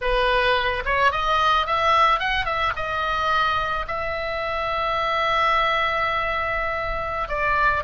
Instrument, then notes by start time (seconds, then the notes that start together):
oboe
0.01 B4
0.85 C#5
1.11 D#5
1.66 E5
2.19 F#5
2.45 E5
2.75 D#5
3.87 E5
7.28 D5